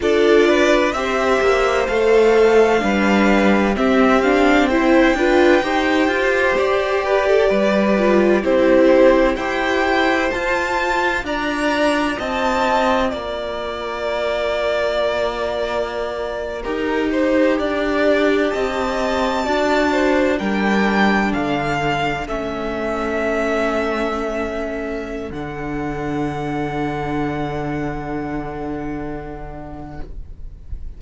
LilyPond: <<
  \new Staff \with { instrumentName = "violin" } { \time 4/4 \tempo 4 = 64 d''4 e''4 f''2 | e''8 f''8 g''2 d''4~ | d''4 c''4 g''4 a''4 | ais''4 a''4 ais''2~ |
ais''2.~ ais''8. a''16~ | a''4.~ a''16 g''4 f''4 e''16~ | e''2. fis''4~ | fis''1 | }
  \new Staff \with { instrumentName = "violin" } { \time 4/4 a'8 b'8 c''2 b'4 | g'4 c''8 b'8 c''4. b'16 a'16 | b'4 g'4 c''2 | d''4 dis''4 d''2~ |
d''4.~ d''16 ais'8 c''8 d''4 dis''16~ | dis''8. d''8 c''8 ais'4 a'4~ a'16~ | a'1~ | a'1 | }
  \new Staff \with { instrumentName = "viola" } { \time 4/4 f'4 g'4 a'4 d'4 | c'8 d'8 e'8 f'8 g'2~ | g'8 f'8 e'4 g'4 f'4~ | f'1~ |
f'4.~ f'16 g'2~ g'16~ | g'8. fis'4 d'2 cis'16~ | cis'2. d'4~ | d'1 | }
  \new Staff \with { instrumentName = "cello" } { \time 4/4 d'4 c'8 ais8 a4 g4 | c'4. d'8 dis'8 f'8 g'4 | g4 c'4 e'4 f'4 | d'4 c'4 ais2~ |
ais4.~ ais16 dis'4 d'4 c'16~ | c'8. d'4 g4 d4 a16~ | a2. d4~ | d1 | }
>>